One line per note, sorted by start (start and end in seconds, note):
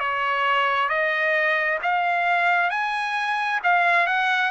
0.00 0.89 C#5
0.89 1.79 D#5
1.83 2.70 F5
2.70 3.60 G#5
3.64 4.07 F5
4.07 4.51 F#5